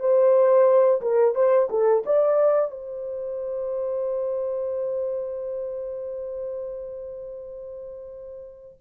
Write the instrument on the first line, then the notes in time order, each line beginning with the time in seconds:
horn
0.00 C5
1.01 A#4
1.35 C5
1.70 A4
2.06 D5
2.71 C5